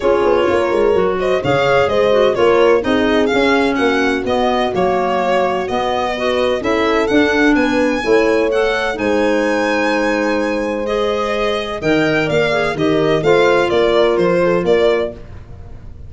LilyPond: <<
  \new Staff \with { instrumentName = "violin" } { \time 4/4 \tempo 4 = 127 cis''2~ cis''8 dis''8 f''4 | dis''4 cis''4 dis''4 f''4 | fis''4 dis''4 cis''2 | dis''2 e''4 fis''4 |
gis''2 fis''4 gis''4~ | gis''2. dis''4~ | dis''4 g''4 f''4 dis''4 | f''4 d''4 c''4 d''4 | }
  \new Staff \with { instrumentName = "horn" } { \time 4/4 gis'4 ais'4. c''8 cis''4 | c''4 ais'4 gis'2 | fis'1~ | fis'4 b'4 a'2 |
b'4 cis''2 c''4~ | c''1~ | c''4 dis''4 d''4 ais'4 | c''4 ais'4. a'8 ais'4 | }
  \new Staff \with { instrumentName = "clarinet" } { \time 4/4 f'2 fis'4 gis'4~ | gis'8 fis'8 f'4 dis'4 cis'4~ | cis'4 b4 ais2 | b4 fis'4 e'4 d'4~ |
d'4 e'4 a'4 dis'4~ | dis'2. gis'4~ | gis'4 ais'4. gis'8 g'4 | f'1 | }
  \new Staff \with { instrumentName = "tuba" } { \time 4/4 cis'8 b8 ais8 gis8 fis4 cis4 | gis4 ais4 c'4 cis'4 | ais4 b4 fis2 | b2 cis'4 d'4 |
b4 a2 gis4~ | gis1~ | gis4 dis4 ais4 dis4 | a4 ais4 f4 ais4 | }
>>